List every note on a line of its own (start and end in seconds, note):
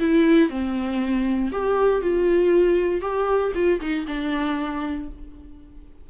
0.00 0.50 E4
0.50 1.52 C4
1.52 2.02 G4
2.02 3.02 F4
3.02 3.52 G4
3.55 3.80 F4
3.81 4.06 D#4
4.07 5.09 D4